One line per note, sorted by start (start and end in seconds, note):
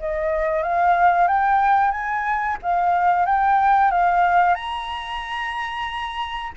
0.00 0.63 D#5
0.63 1.28 F5
1.28 1.91 G5
1.91 2.57 G#5
2.63 3.26 F5
3.26 3.91 G5
3.91 4.55 F5
4.55 6.53 A#5